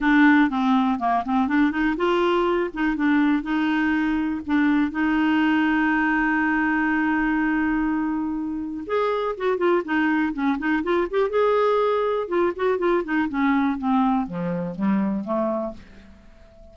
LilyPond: \new Staff \with { instrumentName = "clarinet" } { \time 4/4 \tempo 4 = 122 d'4 c'4 ais8 c'8 d'8 dis'8 | f'4. dis'8 d'4 dis'4~ | dis'4 d'4 dis'2~ | dis'1~ |
dis'2 gis'4 fis'8 f'8 | dis'4 cis'8 dis'8 f'8 g'8 gis'4~ | gis'4 f'8 fis'8 f'8 dis'8 cis'4 | c'4 f4 g4 a4 | }